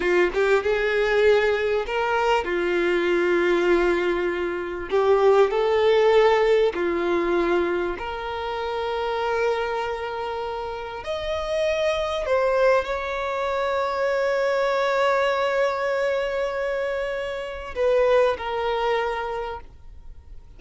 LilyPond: \new Staff \with { instrumentName = "violin" } { \time 4/4 \tempo 4 = 98 f'8 g'8 gis'2 ais'4 | f'1 | g'4 a'2 f'4~ | f'4 ais'2.~ |
ais'2 dis''2 | c''4 cis''2.~ | cis''1~ | cis''4 b'4 ais'2 | }